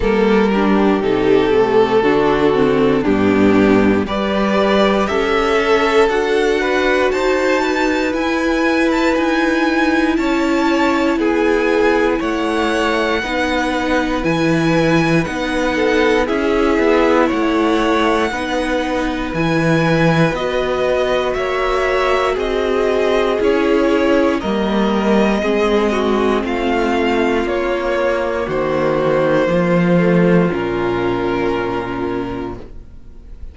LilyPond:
<<
  \new Staff \with { instrumentName = "violin" } { \time 4/4 \tempo 4 = 59 ais'4 a'2 g'4 | d''4 e''4 fis''4 a''4 | gis''8. a''16 gis''4 a''4 gis''4 | fis''2 gis''4 fis''4 |
e''4 fis''2 gis''4 | dis''4 e''4 dis''4 cis''4 | dis''2 f''4 cis''4 | c''2 ais'2 | }
  \new Staff \with { instrumentName = "violin" } { \time 4/4 a'8 g'4. fis'4 d'4 | b'4 a'4. b'8 c''8 b'8~ | b'2 cis''4 gis'4 | cis''4 b'2~ b'8 a'8 |
gis'4 cis''4 b'2~ | b'4 cis''4 gis'2 | ais'4 gis'8 fis'8 f'2 | fis'4 f'2. | }
  \new Staff \with { instrumentName = "viola" } { \time 4/4 ais8 d'8 dis'8 a8 d'8 c'8 b4 | g'4. a'8 fis'2 | e'1~ | e'4 dis'4 e'4 dis'4 |
e'2 dis'4 e'4 | fis'2. e'4 | ais4 c'2 ais4~ | ais4. a8 cis'2 | }
  \new Staff \with { instrumentName = "cello" } { \time 4/4 g4 c4 d4 g,4 | g4 cis'4 d'4 dis'4 | e'4 dis'4 cis'4 b4 | a4 b4 e4 b4 |
cis'8 b8 a4 b4 e4 | b4 ais4 c'4 cis'4 | g4 gis4 a4 ais4 | dis4 f4 ais,2 | }
>>